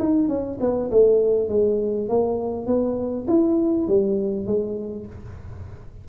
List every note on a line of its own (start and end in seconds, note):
0.00 0.29 D#4
0.29 0.59 C#4
0.61 0.91 B3
0.91 1.49 A3
1.49 2.09 G#3
2.09 2.67 A#3
2.67 3.27 B3
3.28 3.88 E4
3.88 4.47 G3
4.47 5.07 G#3